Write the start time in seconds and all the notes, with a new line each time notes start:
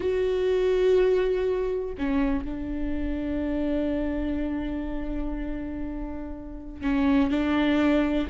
0.00 F#4
1.98 C#4
2.44 D4
6.81 C#4
7.30 D4